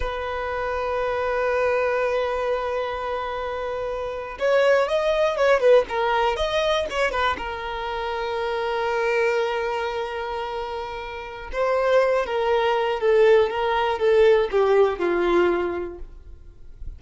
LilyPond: \new Staff \with { instrumentName = "violin" } { \time 4/4 \tempo 4 = 120 b'1~ | b'1~ | b'8. cis''4 dis''4 cis''8 b'8 ais'16~ | ais'8. dis''4 cis''8 b'8 ais'4~ ais'16~ |
ais'1~ | ais'2. c''4~ | c''8 ais'4. a'4 ais'4 | a'4 g'4 f'2 | }